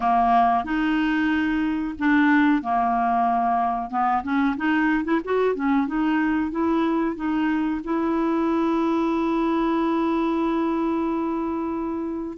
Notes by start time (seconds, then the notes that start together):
0.00 A#3
0.64 D#4
1.98 D4
2.62 A#3
3.90 B3
4.23 C#4
4.57 D#4
5.04 E4
5.24 F#4
5.55 C#4
5.87 D#4
6.51 E4
7.16 D#4
7.84 E4